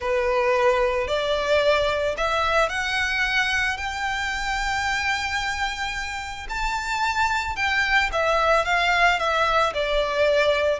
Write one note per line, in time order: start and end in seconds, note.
0.00 1.07 B4
1.07 2.15 D5
2.17 2.69 E5
2.69 3.77 F#5
3.77 6.47 G5
6.49 7.55 A5
7.55 8.09 G5
8.12 8.65 E5
8.65 9.19 F5
9.19 9.73 E5
9.73 10.79 D5